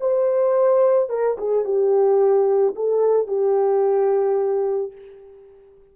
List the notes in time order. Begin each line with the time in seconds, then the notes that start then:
0.00 C5
1.09 A#4
1.37 G#4
1.64 G4
2.75 A4
3.27 G4